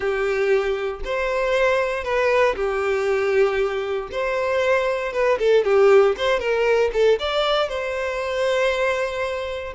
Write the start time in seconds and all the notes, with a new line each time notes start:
0.00 G4
1.04 C5
2.03 B4
2.55 G4
4.11 C5
5.12 B4
5.38 A4
5.64 G4
6.17 C5
6.39 A#4
6.93 A4
7.19 D5
7.68 C5